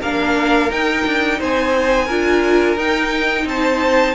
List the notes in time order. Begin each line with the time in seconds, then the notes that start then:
0.00 A#3 D4 A#4 F5
0.70 D#4 G5
1.06 D4
1.39 C4 C5 G#5
2.05 D4 F4 A#4
2.76 D#4 G5
3.44 C4 C5 A5